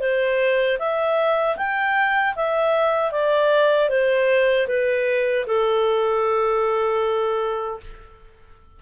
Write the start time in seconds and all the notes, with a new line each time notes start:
0.00 C5
0.78 E5
1.57 G5
2.36 E5
3.11 D5
3.89 C5
4.68 B4
5.46 A4